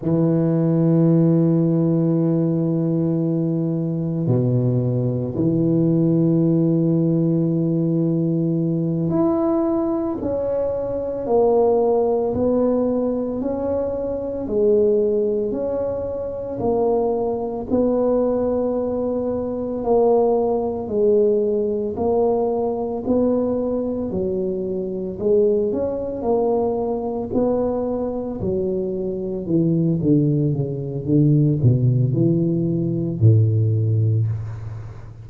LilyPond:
\new Staff \with { instrumentName = "tuba" } { \time 4/4 \tempo 4 = 56 e1 | b,4 e2.~ | e8 e'4 cis'4 ais4 b8~ | b8 cis'4 gis4 cis'4 ais8~ |
ais8 b2 ais4 gis8~ | gis8 ais4 b4 fis4 gis8 | cis'8 ais4 b4 fis4 e8 | d8 cis8 d8 b,8 e4 a,4 | }